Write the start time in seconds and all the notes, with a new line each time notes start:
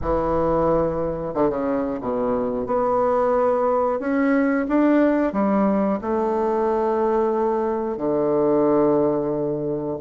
0.01 E3
1.34 D3
1.49 C#3
2.00 B2
2.66 B3
3.99 C#4
4.68 D4
5.32 G3
6.01 A3
7.97 D3